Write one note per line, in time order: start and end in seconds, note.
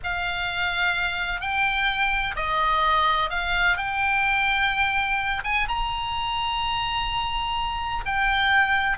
0.03 1.40 F5
1.40 2.35 G5
2.36 3.29 D#5
3.29 3.77 F5
3.77 5.42 G5
5.43 5.67 G#5
5.68 8.04 A#5
8.05 8.97 G5